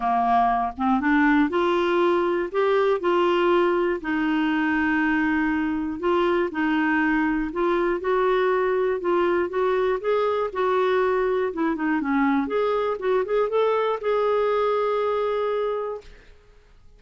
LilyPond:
\new Staff \with { instrumentName = "clarinet" } { \time 4/4 \tempo 4 = 120 ais4. c'8 d'4 f'4~ | f'4 g'4 f'2 | dis'1 | f'4 dis'2 f'4 |
fis'2 f'4 fis'4 | gis'4 fis'2 e'8 dis'8 | cis'4 gis'4 fis'8 gis'8 a'4 | gis'1 | }